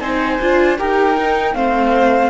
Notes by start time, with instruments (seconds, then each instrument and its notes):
0.00 cello C4, viola D#4, violin C5, flute G#5
0.42 cello D4, viola F4
0.78 cello D#4, viola G4, violin A#4, flute G5
1.18 viola D#4
1.54 cello A3, viola C4, violin C5, flute F5